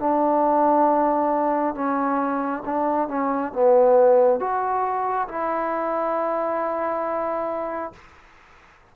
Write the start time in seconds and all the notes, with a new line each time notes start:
0.00 D4
1.75 C#4
2.66 D4
3.09 C#4
3.53 B3
4.40 F#4
5.29 E4